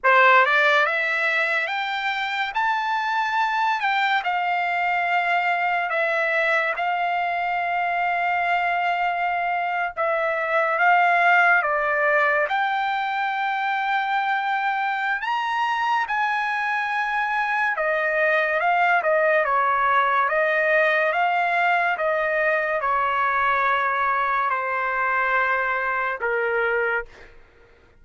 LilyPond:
\new Staff \with { instrumentName = "trumpet" } { \time 4/4 \tempo 4 = 71 c''8 d''8 e''4 g''4 a''4~ | a''8 g''8 f''2 e''4 | f''2.~ f''8. e''16~ | e''8. f''4 d''4 g''4~ g''16~ |
g''2 ais''4 gis''4~ | gis''4 dis''4 f''8 dis''8 cis''4 | dis''4 f''4 dis''4 cis''4~ | cis''4 c''2 ais'4 | }